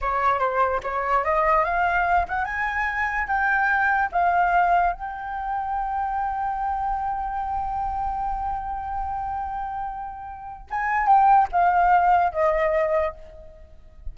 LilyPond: \new Staff \with { instrumentName = "flute" } { \time 4/4 \tempo 4 = 146 cis''4 c''4 cis''4 dis''4 | f''4. fis''8 gis''2 | g''2 f''2 | g''1~ |
g''1~ | g''1~ | g''2 gis''4 g''4 | f''2 dis''2 | }